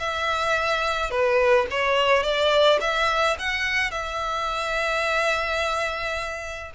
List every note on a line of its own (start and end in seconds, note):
0.00 1.11 E5
1.11 1.67 B4
1.71 2.24 C#5
2.24 2.80 D5
2.81 3.37 E5
3.39 3.92 F#5
3.92 6.72 E5